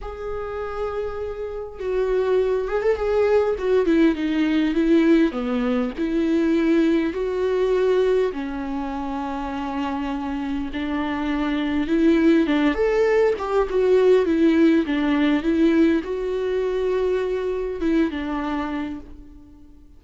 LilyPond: \new Staff \with { instrumentName = "viola" } { \time 4/4 \tempo 4 = 101 gis'2. fis'4~ | fis'8 gis'16 a'16 gis'4 fis'8 e'8 dis'4 | e'4 b4 e'2 | fis'2 cis'2~ |
cis'2 d'2 | e'4 d'8 a'4 g'8 fis'4 | e'4 d'4 e'4 fis'4~ | fis'2 e'8 d'4. | }